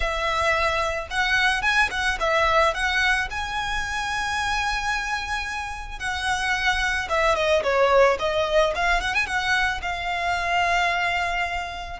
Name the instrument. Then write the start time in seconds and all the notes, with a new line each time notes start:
violin
0.00 E5
1.10 F#5
1.62 G#5
1.90 F#5
2.20 E5
2.74 F#5
3.30 G#5
5.99 F#5
7.09 E5
7.35 D#5
7.63 C#5
8.19 D#5
8.75 F5
9.00 F#5
9.14 G#5
9.26 F#5
9.82 F5